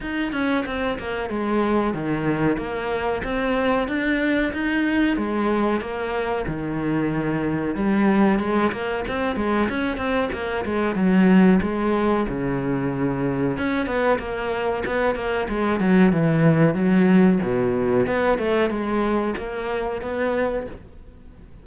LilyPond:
\new Staff \with { instrumentName = "cello" } { \time 4/4 \tempo 4 = 93 dis'8 cis'8 c'8 ais8 gis4 dis4 | ais4 c'4 d'4 dis'4 | gis4 ais4 dis2 | g4 gis8 ais8 c'8 gis8 cis'8 c'8 |
ais8 gis8 fis4 gis4 cis4~ | cis4 cis'8 b8 ais4 b8 ais8 | gis8 fis8 e4 fis4 b,4 | b8 a8 gis4 ais4 b4 | }